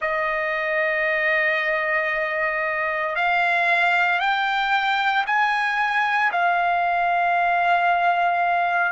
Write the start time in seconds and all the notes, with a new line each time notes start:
0.01 D#5
3.15 F5
4.19 G5
5.26 G#5
6.32 F5